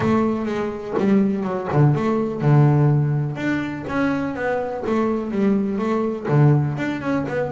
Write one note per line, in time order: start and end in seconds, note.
0.00 0.45 A3
0.45 0.94 G#3
0.98 1.43 G3
1.43 1.67 F#3
1.72 1.94 D3
1.94 2.41 A3
2.41 3.36 D3
3.36 3.84 D4
3.88 4.35 C#4
4.35 4.83 B3
4.86 5.31 A3
5.31 5.78 G3
5.78 6.27 A3
6.28 6.77 D3
6.77 7.01 D4
7.01 7.25 C#4
7.28 7.51 B3